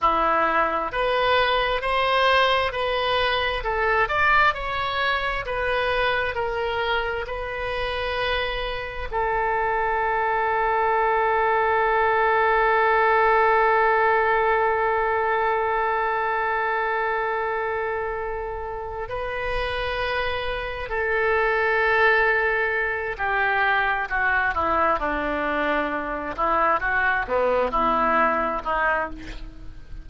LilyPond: \new Staff \with { instrumentName = "oboe" } { \time 4/4 \tempo 4 = 66 e'4 b'4 c''4 b'4 | a'8 d''8 cis''4 b'4 ais'4 | b'2 a'2~ | a'1~ |
a'1~ | a'4 b'2 a'4~ | a'4. g'4 fis'8 e'8 d'8~ | d'4 e'8 fis'8 b8 e'4 dis'8 | }